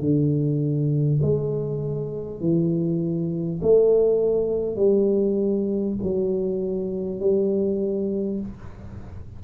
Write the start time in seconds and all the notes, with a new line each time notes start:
0.00 D3
1.22 G#3
2.41 E3
3.62 A3
4.76 G3
6.03 F#3
7.21 G3